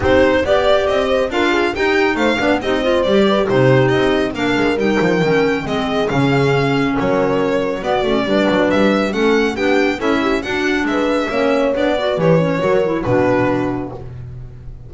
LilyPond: <<
  \new Staff \with { instrumentName = "violin" } { \time 4/4 \tempo 4 = 138 c''4 d''4 dis''4 f''4 | g''4 f''4 dis''4 d''4 | c''4 dis''4 f''4 g''4~ | g''4 dis''4 f''2 |
cis''2 d''2 | e''4 fis''4 g''4 e''4 | fis''4 e''2 d''4 | cis''2 b'2 | }
  \new Staff \with { instrumentName = "horn" } { \time 4/4 g'4 d''4. c''8 ais'8 gis'8 | g'4 c''8 d''8 g'8 c''4 b'8 | g'2 ais'2~ | ais'4 gis'2. |
ais'2 fis'4 b'4~ | b'4 a'4 g'4 a'8 g'8 | fis'4 b'4 cis''4. b'8~ | b'4 ais'4 fis'2 | }
  \new Staff \with { instrumentName = "clarinet" } { \time 4/4 dis'4 g'2 f'4 | dis'4. d'8 dis'8 f'8 g'4 | dis'2 d'4 dis'4 | cis'4 c'4 cis'2~ |
cis'2 b8 cis'8 d'4~ | d'4 cis'4 d'4 e'4 | d'2 cis'4 d'8 fis'8 | g'8 cis'8 fis'8 e'8 d'2 | }
  \new Staff \with { instrumentName = "double bass" } { \time 4/4 c'4 b4 c'4 d'4 | dis'4 a8 b8 c'4 g4 | c4 c'4 ais8 gis8 g8 f8 | dis4 gis4 cis2 |
fis2 b8 a8 g8 fis8 | g4 a4 b4 cis'4 | d'4 gis4 ais4 b4 | e4 fis4 b,2 | }
>>